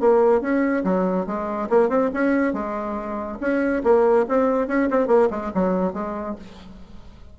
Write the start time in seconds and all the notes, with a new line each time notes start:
0.00 A#3
0.41 C#4
0.84 F#3
1.26 G#3
1.70 A#3
1.89 C4
2.14 C#4
2.53 G#3
3.40 C#4
3.84 A#3
4.28 C4
4.68 C#4
4.90 C4
5.07 A#3
5.30 G#3
5.54 F#3
5.93 G#3